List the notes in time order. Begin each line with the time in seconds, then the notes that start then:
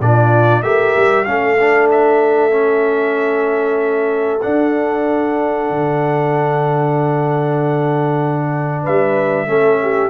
0.00 A#2 D4 F4 D5
0.63 A3 G4 A#4 E5
0.96 G3
1.24 A3 C#4 A4 F5
1.60 D4
1.91 E5
2.51 C#4
4.41 D4 F#5
5.70 D3
8.83 G3 B4 E5
9.46 A3 C#4 A4
9.82 G4